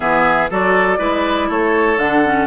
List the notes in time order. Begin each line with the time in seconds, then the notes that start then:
0.00 E3 B3 G#4 E5
0.50 F#3 F#4 A4 D5
0.97 G#3 E4 B4
1.48 A3 A4 C#5
1.97 D3 D4 F#5
2.25 C#4